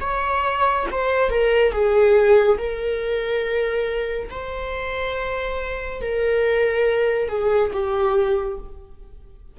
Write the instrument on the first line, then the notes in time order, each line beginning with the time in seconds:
viola
0.00 C#5
0.91 C5
1.29 A#4
1.71 G#4
2.58 A#4
4.30 C5
6.01 A#4
7.28 G#4
7.72 G4